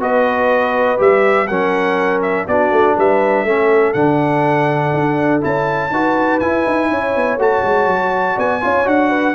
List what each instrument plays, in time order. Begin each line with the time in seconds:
0.00 tuba B3, trombone F#4, horn B4, trumpet D#5
0.98 tuba G3, trombone G4, trumpet E5
1.47 tuba F#3, trombone C#4, horn A#4, trumpet F#5
2.22 trumpet E5
2.47 tuba B3, trombone D4, horn F#4, trumpet D5
2.71 tuba A3
2.97 tuba G3, horn B4, trumpet E5
3.44 tuba A3, trombone C#4, horn A4
3.93 tuba D3, trombone D4, trumpet F#5
4.94 tuba D4
5.41 tuba C#4, trombone E4, trumpet A5
5.91 tuba D#4, trombone F#4, horn B4
6.40 tuba E4, trombone E4, trumpet G#5
6.67 tuba D#4
6.91 tuba C#4, horn C#5
7.16 tuba B3
7.37 tuba A3, trombone F#4, trumpet A5
7.63 tuba G#3
7.86 tuba F#3
8.36 tuba B3, horn D5, trumpet G#5
8.61 tuba C#4, trombone F4, horn C#5
8.84 tuba D4, trombone F#4, trumpet F#5
9.10 horn B4